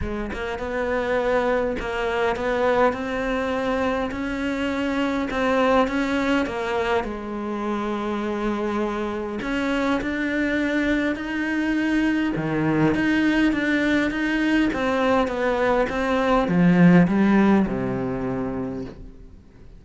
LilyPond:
\new Staff \with { instrumentName = "cello" } { \time 4/4 \tempo 4 = 102 gis8 ais8 b2 ais4 | b4 c'2 cis'4~ | cis'4 c'4 cis'4 ais4 | gis1 |
cis'4 d'2 dis'4~ | dis'4 dis4 dis'4 d'4 | dis'4 c'4 b4 c'4 | f4 g4 c2 | }